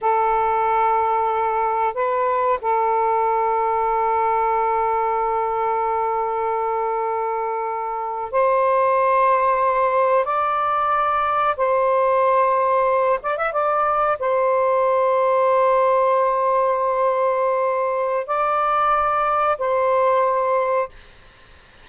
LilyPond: \new Staff \with { instrumentName = "saxophone" } { \time 4/4 \tempo 4 = 92 a'2. b'4 | a'1~ | a'1~ | a'8. c''2. d''16~ |
d''4.~ d''16 c''2~ c''16~ | c''16 d''16 e''16 d''4 c''2~ c''16~ | c''1 | d''2 c''2 | }